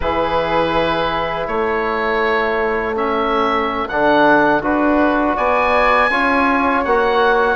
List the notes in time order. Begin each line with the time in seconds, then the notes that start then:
0.00 E3 E4 G#4 B4
1.47 A3 A4 C#5
2.95 C#4 E5
3.88 D3 D4 F#5
4.61 D4 F#4 B4
5.35 B3 D5 G#5
6.09 C#4 F4 C#5
6.84 A#3 F#4 F#5